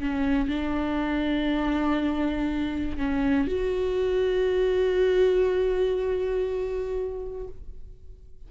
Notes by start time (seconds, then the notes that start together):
0.00 C#4
0.48 D4
2.98 C#4
3.48 F#4